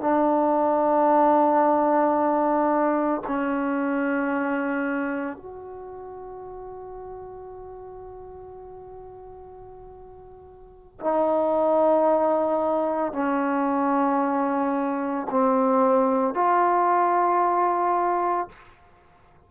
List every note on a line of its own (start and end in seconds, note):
0.00 3.21 D4
3.27 5.36 C#4
5.36 10.99 F#4
11.00 13.12 D#4
13.12 15.27 C#4
15.30 16.34 C4
16.34 18.48 F4